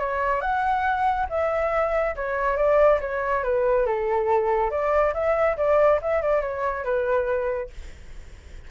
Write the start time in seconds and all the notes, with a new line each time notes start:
0.00 C#5
0.41 F#5
1.30 E5
2.16 C#5
2.57 D5
3.01 C#5
3.44 B4
3.86 A4
4.71 D5
5.14 E5
5.57 D5
6.02 E5
6.22 D5
6.41 C#5
6.84 B4